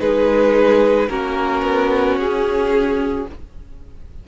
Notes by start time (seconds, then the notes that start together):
0.00 G#3 D#4 G#4 B4
1.09 A#3 C#4 F#4 A#4
1.62 B3
2.17 C#4 G#4